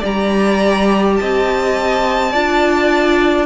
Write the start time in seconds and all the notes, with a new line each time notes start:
0.00 G3 G4 D5 A#5
1.17 C4 D#5 A5
2.32 D4 F4 D5